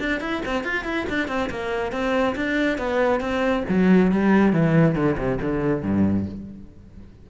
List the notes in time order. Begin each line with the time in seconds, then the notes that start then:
0.00 D4
0.21 E4
0.46 C4
0.64 F4
0.85 E4
1.09 D4
1.29 C4
1.50 A#3
1.92 C4
2.36 D4
2.78 B3
3.21 C4
3.69 F#3
4.12 G3
4.53 E3
4.96 D3
5.18 C3
5.42 D3
5.83 G2